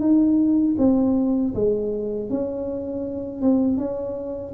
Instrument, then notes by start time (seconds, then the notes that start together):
tuba
0.00 D#4
0.78 C4
1.55 G#3
2.30 C#4
3.41 C4
3.78 C#4